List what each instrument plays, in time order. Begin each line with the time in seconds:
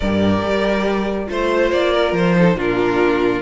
0.00 cello G2, viola G4, violin A#4 D5
0.43 cello G3
1.26 cello A3, viola F4, violin C5
1.72 cello A#3, violin D5
1.93 violin A#4
2.12 cello F3, violin C5
2.35 viola D#4, violin A4
2.55 cello A#2, viola D4, violin F4 A#4